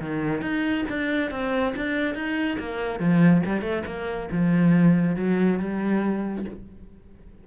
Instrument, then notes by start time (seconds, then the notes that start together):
cello
0.00 D#3
0.42 D#4
0.89 D4
1.31 C4
1.76 D4
2.15 D#4
2.59 A#3
3.00 F3
3.45 G3
3.61 A3
3.86 A#3
4.31 F3
5.16 F#3
5.59 G3